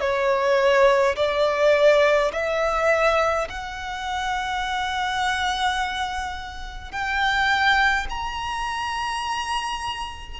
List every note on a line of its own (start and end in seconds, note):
0.00 1.15 C#5
1.16 2.31 D5
2.32 3.48 E5
3.49 6.91 F#5
6.91 8.07 G5
8.09 10.40 A#5